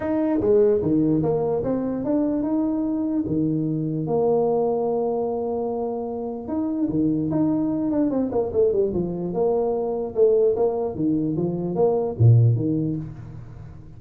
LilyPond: \new Staff \with { instrumentName = "tuba" } { \time 4/4 \tempo 4 = 148 dis'4 gis4 dis4 ais4 | c'4 d'4 dis'2 | dis2 ais2~ | ais1 |
dis'4 dis4 dis'4. d'8 | c'8 ais8 a8 g8 f4 ais4~ | ais4 a4 ais4 dis4 | f4 ais4 ais,4 dis4 | }